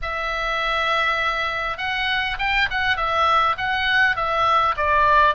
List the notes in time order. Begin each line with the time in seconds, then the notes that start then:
0.01 E5
1.77 F#5
2.38 G5
2.70 F#5
2.96 E5
3.57 F#5
4.16 E5
4.77 D5